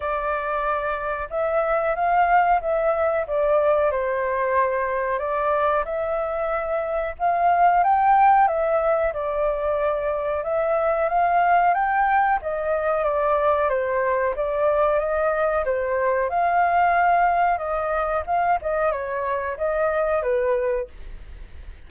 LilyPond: \new Staff \with { instrumentName = "flute" } { \time 4/4 \tempo 4 = 92 d''2 e''4 f''4 | e''4 d''4 c''2 | d''4 e''2 f''4 | g''4 e''4 d''2 |
e''4 f''4 g''4 dis''4 | d''4 c''4 d''4 dis''4 | c''4 f''2 dis''4 | f''8 dis''8 cis''4 dis''4 b'4 | }